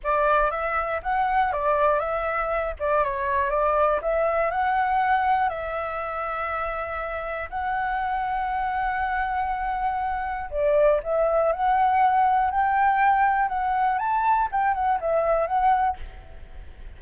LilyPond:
\new Staff \with { instrumentName = "flute" } { \time 4/4 \tempo 4 = 120 d''4 e''4 fis''4 d''4 | e''4. d''8 cis''4 d''4 | e''4 fis''2 e''4~ | e''2. fis''4~ |
fis''1~ | fis''4 d''4 e''4 fis''4~ | fis''4 g''2 fis''4 | a''4 g''8 fis''8 e''4 fis''4 | }